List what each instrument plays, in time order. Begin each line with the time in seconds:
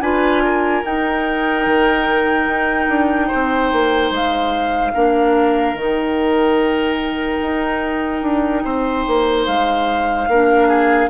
0.00 bassoon D4, clarinet F4, oboe B4, flute G#5
0.44 oboe A#4
0.84 bassoon D#4, clarinet D#4, flute G5
1.65 bassoon D#3
2.46 bassoon D#4
2.88 bassoon D4
3.27 oboe C5
3.33 bassoon C4
3.72 bassoon A#3
4.10 bassoon G#3, flute F5
4.93 bassoon A#3, clarinet D4, oboe A#4
5.74 bassoon D#3, clarinet D#4, flute G5
7.42 bassoon D#4
8.22 bassoon D4
8.64 bassoon C4, oboe C5
9.07 bassoon A#3
9.46 bassoon G#3, flute F5
10.28 bassoon A#3, clarinet D4, oboe A#4
10.68 oboe G#4